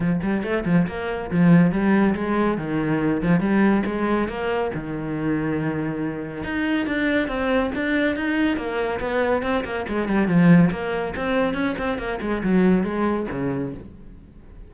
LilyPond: \new Staff \with { instrumentName = "cello" } { \time 4/4 \tempo 4 = 140 f8 g8 a8 f8 ais4 f4 | g4 gis4 dis4. f8 | g4 gis4 ais4 dis4~ | dis2. dis'4 |
d'4 c'4 d'4 dis'4 | ais4 b4 c'8 ais8 gis8 g8 | f4 ais4 c'4 cis'8 c'8 | ais8 gis8 fis4 gis4 cis4 | }